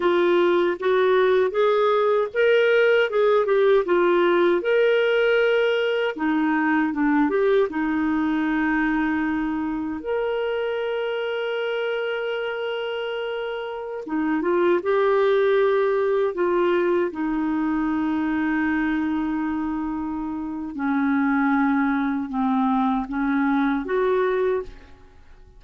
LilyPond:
\new Staff \with { instrumentName = "clarinet" } { \time 4/4 \tempo 4 = 78 f'4 fis'4 gis'4 ais'4 | gis'8 g'8 f'4 ais'2 | dis'4 d'8 g'8 dis'2~ | dis'4 ais'2.~ |
ais'2~ ais'16 dis'8 f'8 g'8.~ | g'4~ g'16 f'4 dis'4.~ dis'16~ | dis'2. cis'4~ | cis'4 c'4 cis'4 fis'4 | }